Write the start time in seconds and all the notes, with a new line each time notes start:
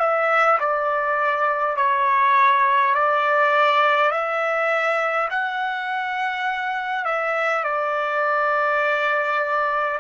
0.00 E5
0.60 D5
1.77 C#5
2.95 D5
4.11 E5
5.30 F#5
7.05 E5
7.64 D5